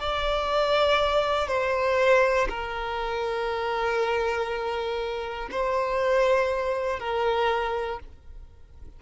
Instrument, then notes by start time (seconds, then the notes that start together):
violin
0.00 D5
1.48 C5
2.49 A#4
5.51 C5
6.99 A#4